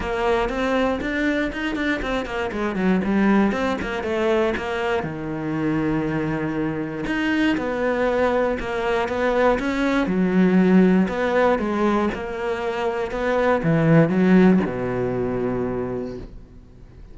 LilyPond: \new Staff \with { instrumentName = "cello" } { \time 4/4 \tempo 4 = 119 ais4 c'4 d'4 dis'8 d'8 | c'8 ais8 gis8 fis8 g4 c'8 ais8 | a4 ais4 dis2~ | dis2 dis'4 b4~ |
b4 ais4 b4 cis'4 | fis2 b4 gis4 | ais2 b4 e4 | fis4 b,2. | }